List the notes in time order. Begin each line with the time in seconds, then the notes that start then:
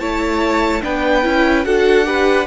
0.00 A3 E4 C#5 A5
0.82 B3 D4 B4 G5
1.23 C#4 E4
1.64 D4 F#4 A4 F#5
2.05 G4 B4